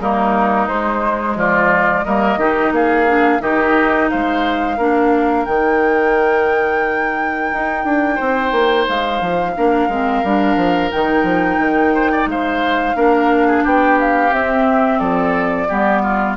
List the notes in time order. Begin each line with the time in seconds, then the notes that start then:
0.00 G3 A#3 D#4 A#4
0.68 G#3 C5
1.35 F3 F4 D5
2.05 G3 A#3 A#4 D#5
2.37 D#3 D#4 G4
2.71 A#3 G#4 F5
3.08 D4
3.40 D#3 D#4 G4 D#5
4.10 G#3 C5 F5
4.77 A#3 D4 A#4
5.45 D#3 D#4 G5
7.53 D#4
7.85 D4
8.15 C4 C5
8.52 A#3
8.89 G#3 F5
9.21 F3
9.56 A#3 D4 A#4
9.88 G#3 C4
10.24 G3 D4
10.56 F3
10.91 D#3 D#4 G5
11.23 F3
11.58 D#3
11.94 C5
12.12 D5
12.26 G#3 C5 F5
12.95 A#3 D4 A#4
13.47 G#4
13.64 B3 G4 G5
13.99 F5
14.31 C4 E5
14.99 F3 A4 D5
15.68 G3 B3 G4
16.02 F4